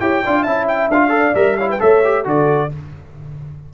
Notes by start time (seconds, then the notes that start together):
0.00 E4 G4 C#5 G5
0.23 D4 F4 D5
0.42 C#4 E4 E5 A5
0.68 G5
0.89 D4 F4 F5
1.08 A4 D5
1.34 G3 A#4 E5
1.57 E4 C#5 F5
1.69 B4 G5
1.79 A3 A4 C#5 E5
2.04 G4
2.24 D3 F#4 A4 D5